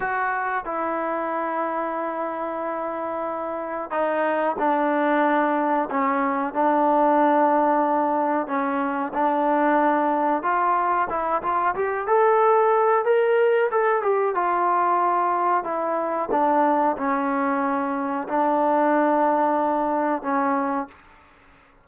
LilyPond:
\new Staff \with { instrumentName = "trombone" } { \time 4/4 \tempo 4 = 92 fis'4 e'2.~ | e'2 dis'4 d'4~ | d'4 cis'4 d'2~ | d'4 cis'4 d'2 |
f'4 e'8 f'8 g'8 a'4. | ais'4 a'8 g'8 f'2 | e'4 d'4 cis'2 | d'2. cis'4 | }